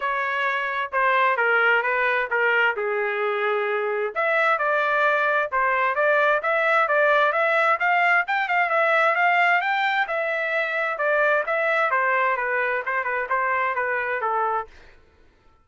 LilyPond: \new Staff \with { instrumentName = "trumpet" } { \time 4/4 \tempo 4 = 131 cis''2 c''4 ais'4 | b'4 ais'4 gis'2~ | gis'4 e''4 d''2 | c''4 d''4 e''4 d''4 |
e''4 f''4 g''8 f''8 e''4 | f''4 g''4 e''2 | d''4 e''4 c''4 b'4 | c''8 b'8 c''4 b'4 a'4 | }